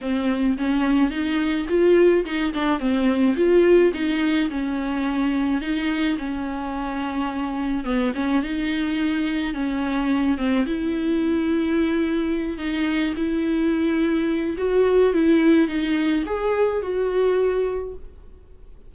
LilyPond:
\new Staff \with { instrumentName = "viola" } { \time 4/4 \tempo 4 = 107 c'4 cis'4 dis'4 f'4 | dis'8 d'8 c'4 f'4 dis'4 | cis'2 dis'4 cis'4~ | cis'2 b8 cis'8 dis'4~ |
dis'4 cis'4. c'8 e'4~ | e'2~ e'8 dis'4 e'8~ | e'2 fis'4 e'4 | dis'4 gis'4 fis'2 | }